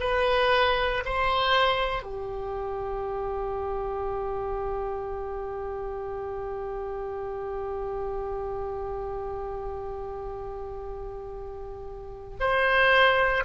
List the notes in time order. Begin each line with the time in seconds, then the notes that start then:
0.00 B4
1.05 C5
2.03 G4
12.40 C5